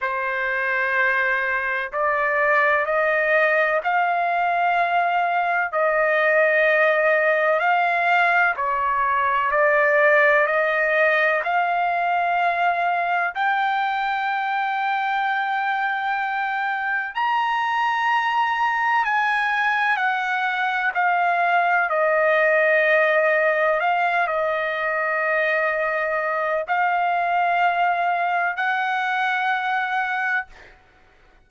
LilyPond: \new Staff \with { instrumentName = "trumpet" } { \time 4/4 \tempo 4 = 63 c''2 d''4 dis''4 | f''2 dis''2 | f''4 cis''4 d''4 dis''4 | f''2 g''2~ |
g''2 ais''2 | gis''4 fis''4 f''4 dis''4~ | dis''4 f''8 dis''2~ dis''8 | f''2 fis''2 | }